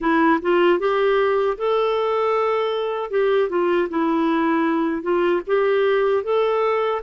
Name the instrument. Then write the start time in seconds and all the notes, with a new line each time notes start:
clarinet
0.00 E4
0.41 F4
0.79 G4
1.57 A4
3.10 G4
3.49 F4
3.89 E4
5.02 F4
5.46 G4
6.23 A4